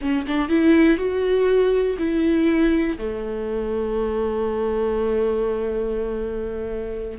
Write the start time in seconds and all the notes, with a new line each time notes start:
0.01 C#4
0.27 D4
0.48 E4
0.97 F#4
1.98 E4
2.98 A3